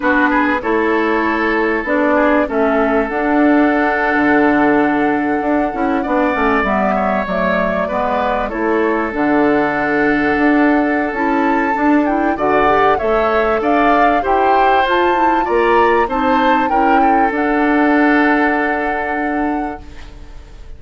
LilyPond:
<<
  \new Staff \with { instrumentName = "flute" } { \time 4/4 \tempo 4 = 97 b'4 cis''2 d''4 | e''4 fis''2.~ | fis''2~ fis''8. e''4 d''16~ | d''4.~ d''16 cis''4 fis''4~ fis''16~ |
fis''2 a''4. g''8 | fis''4 e''4 f''4 g''4 | a''4 ais''4 a''4 g''4 | fis''1 | }
  \new Staff \with { instrumentName = "oboe" } { \time 4/4 fis'8 gis'8 a'2~ a'8 gis'8 | a'1~ | a'4.~ a'16 d''4. cis''8.~ | cis''8. b'4 a'2~ a'16~ |
a'1 | d''4 cis''4 d''4 c''4~ | c''4 d''4 c''4 ais'8 a'8~ | a'1 | }
  \new Staff \with { instrumentName = "clarinet" } { \time 4/4 d'4 e'2 d'4 | cis'4 d'2.~ | d'4~ d'16 e'8 d'8 cis'8 b4 a16~ | a8. b4 e'4 d'4~ d'16~ |
d'2 e'4 d'8 e'8 | fis'8 g'8 a'2 g'4 | f'8 e'8 f'4 dis'4 e'4 | d'1 | }
  \new Staff \with { instrumentName = "bassoon" } { \time 4/4 b4 a2 b4 | a4 d'4.~ d'16 d4~ d16~ | d8. d'8 cis'8 b8 a8 g4 fis16~ | fis8. gis4 a4 d4~ d16~ |
d8. d'4~ d'16 cis'4 d'4 | d4 a4 d'4 e'4 | f'4 ais4 c'4 cis'4 | d'1 | }
>>